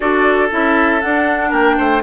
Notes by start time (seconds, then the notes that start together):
0.00 D4 F#4 A4 D5
0.50 C#4 E4 E5
1.01 D4 F#5
1.50 A#3 A#4 G5
1.77 A3 C5